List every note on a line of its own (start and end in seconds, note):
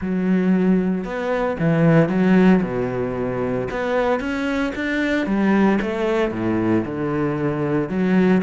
0.01 1.04 F#3
1.04 1.56 B3
1.59 2.08 E3
2.08 2.61 F#3
2.62 3.67 B2
3.70 4.20 B3
4.20 4.72 C#4
4.75 5.26 D4
5.26 5.78 G3
5.81 6.31 A3
6.31 6.83 A2
6.85 7.89 D3
7.89 8.42 F#3